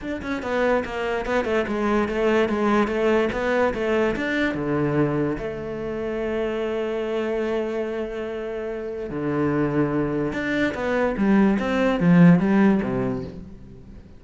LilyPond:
\new Staff \with { instrumentName = "cello" } { \time 4/4 \tempo 4 = 145 d'8 cis'8 b4 ais4 b8 a8 | gis4 a4 gis4 a4 | b4 a4 d'4 d4~ | d4 a2.~ |
a1~ | a2 d2~ | d4 d'4 b4 g4 | c'4 f4 g4 c4 | }